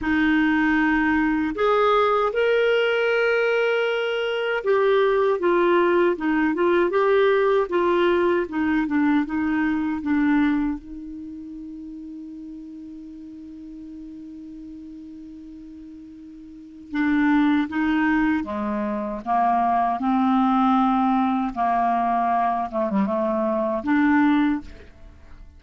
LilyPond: \new Staff \with { instrumentName = "clarinet" } { \time 4/4 \tempo 4 = 78 dis'2 gis'4 ais'4~ | ais'2 g'4 f'4 | dis'8 f'8 g'4 f'4 dis'8 d'8 | dis'4 d'4 dis'2~ |
dis'1~ | dis'2 d'4 dis'4 | gis4 ais4 c'2 | ais4. a16 g16 a4 d'4 | }